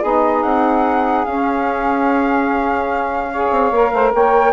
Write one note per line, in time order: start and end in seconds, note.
0.00 0.44 B3
0.00 1.26 D#4
0.00 3.29 G#4
0.00 0.43 D#5
0.43 1.26 C4
0.43 1.25 F#5
1.25 3.51 C#4
1.25 3.34 C#4
1.25 4.13 F5
3.32 3.73 G#4
3.32 3.94 C#5
3.51 3.71 C4
3.71 3.92 A#3
3.71 4.53 A#4
3.93 4.13 A3
3.93 4.13 C5
4.13 4.53 A#3
4.13 4.53 C#5
4.13 4.53 G5